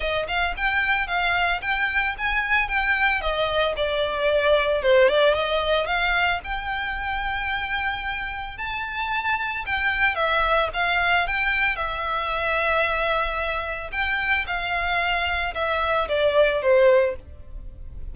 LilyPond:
\new Staff \with { instrumentName = "violin" } { \time 4/4 \tempo 4 = 112 dis''8 f''8 g''4 f''4 g''4 | gis''4 g''4 dis''4 d''4~ | d''4 c''8 d''8 dis''4 f''4 | g''1 |
a''2 g''4 e''4 | f''4 g''4 e''2~ | e''2 g''4 f''4~ | f''4 e''4 d''4 c''4 | }